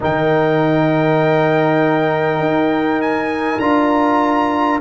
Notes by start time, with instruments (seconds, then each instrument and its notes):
0.00 tuba D#3, trombone D#4, horn A#4, trumpet G5
2.39 tuba D#4
3.01 trumpet G#5
3.59 tuba D4, trombone F4, trumpet A#5